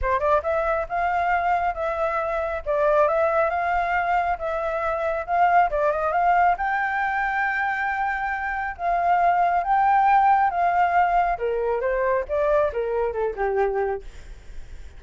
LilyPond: \new Staff \with { instrumentName = "flute" } { \time 4/4 \tempo 4 = 137 c''8 d''8 e''4 f''2 | e''2 d''4 e''4 | f''2 e''2 | f''4 d''8 dis''8 f''4 g''4~ |
g''1 | f''2 g''2 | f''2 ais'4 c''4 | d''4 ais'4 a'8 g'4. | }